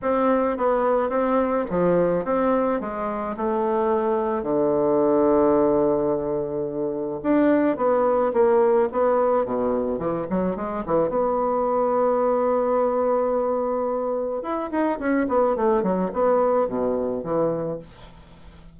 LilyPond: \new Staff \with { instrumentName = "bassoon" } { \time 4/4 \tempo 4 = 108 c'4 b4 c'4 f4 | c'4 gis4 a2 | d1~ | d4 d'4 b4 ais4 |
b4 b,4 e8 fis8 gis8 e8 | b1~ | b2 e'8 dis'8 cis'8 b8 | a8 fis8 b4 b,4 e4 | }